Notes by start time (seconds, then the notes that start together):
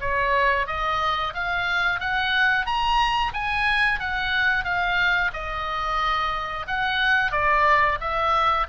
0.00 C#5
0.67 D#5
1.34 F5
2.00 F#5
2.65 A#5
3.33 G#5
3.99 F#5
4.64 F5
5.33 D#5
6.67 F#5
7.32 D5
8.00 E5